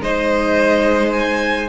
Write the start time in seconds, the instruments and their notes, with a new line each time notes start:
0.00 cello G#3, viola D#4, violin C5 D#5
1.12 violin G#5